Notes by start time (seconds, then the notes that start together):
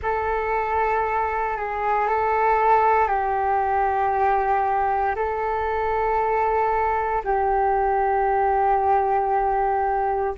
0.02 A4
1.56 G#4
2.07 A4
3.08 G4
5.15 A4
7.24 G4